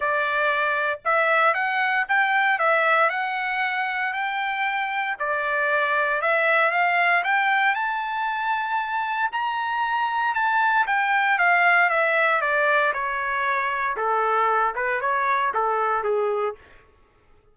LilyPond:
\new Staff \with { instrumentName = "trumpet" } { \time 4/4 \tempo 4 = 116 d''2 e''4 fis''4 | g''4 e''4 fis''2 | g''2 d''2 | e''4 f''4 g''4 a''4~ |
a''2 ais''2 | a''4 g''4 f''4 e''4 | d''4 cis''2 a'4~ | a'8 b'8 cis''4 a'4 gis'4 | }